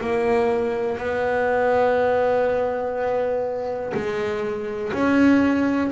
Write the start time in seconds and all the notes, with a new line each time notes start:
0.00 A#3
0.97 B3
3.93 G#3
4.92 C#4